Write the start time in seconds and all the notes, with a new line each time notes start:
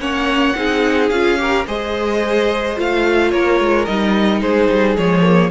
0.00 A#3 C#4 C#5 F#5
0.56 C4 D#4 G#4
1.10 C#4 F4 F5
1.38 G4 A#4
1.67 G#3 G#4 C5 D#5
2.77 A3 F4 F5
3.31 A#3 A#4 C#5
3.60 G#3
3.86 G3 D#4 D#5
4.42 G#3 G#4 C5
4.70 G3
4.97 F3 G#3 C#5
5.23 A#3